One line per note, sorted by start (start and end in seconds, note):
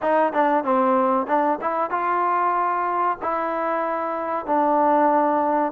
0.01 0.32 D#4
0.32 0.64 D4
0.64 1.26 C4
1.26 1.58 D4
1.61 1.90 E4
1.90 3.17 F4
3.21 4.45 E4
4.45 5.72 D4